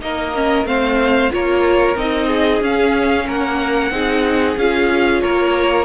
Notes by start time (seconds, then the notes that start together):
0.00 A#3 D#4 A#4 D#5
0.34 C#4
0.64 A3 C4 C5 F5
1.30 A#3 F4 A#4 C#5
1.96 C4 D#4 D#5
2.27 G#4
2.61 C#4 F5
3.27 A#3 A#4 F#5
3.90 C4 D#4 G#4
4.57 C#4 F4 F5
5.21 A#3 A#4 C#5